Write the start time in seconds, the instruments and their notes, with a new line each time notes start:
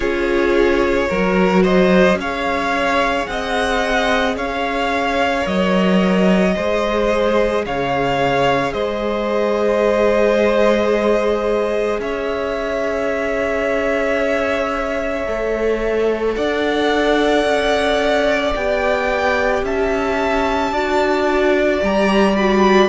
0.00 cello C#4, viola F4, violin G#4 C#5
1.09 cello F#3, viola F#4, violin A#4
1.63 violin C5 D#5
2.14 cello C#4
2.20 viola G#4, violin C#5 F5
3.26 cello C4, violin D#5 F#5
4.35 cello C#4, violin C#5 F5
5.41 cello F#3, viola A#4, violin D#5
6.55 cello G#3, viola G#4, violin C5
7.66 cello C#3, violin C#5 F5
8.73 cello G#3, violin C5 D#5
11.99 cello C#4, violin C#5 E5
15.25 cello A3, viola A4
16.35 cello D4, violin D5 F#5
17.45 cello C#4
18.55 cello B3, viola G4, violin G5
19.62 cello C#4, violin E5 A5
20.71 cello D4, viola F#4, violin D5
21.81 cello G3, viola G4, violin A#5
22.37 viola F#4, violin B5